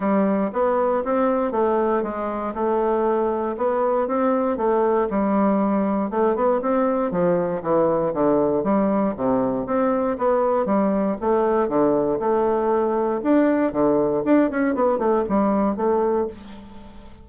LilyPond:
\new Staff \with { instrumentName = "bassoon" } { \time 4/4 \tempo 4 = 118 g4 b4 c'4 a4 | gis4 a2 b4 | c'4 a4 g2 | a8 b8 c'4 f4 e4 |
d4 g4 c4 c'4 | b4 g4 a4 d4 | a2 d'4 d4 | d'8 cis'8 b8 a8 g4 a4 | }